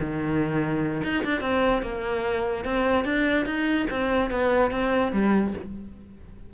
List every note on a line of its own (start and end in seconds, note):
0.00 1.03 D#3
1.04 1.24 D#4
1.25 1.41 D4
1.41 1.82 C4
1.83 2.65 A#3
2.65 3.05 C4
3.05 3.46 D4
3.46 3.87 D#4
3.90 4.31 C4
4.31 4.71 B3
4.71 5.12 C4
5.13 5.54 G3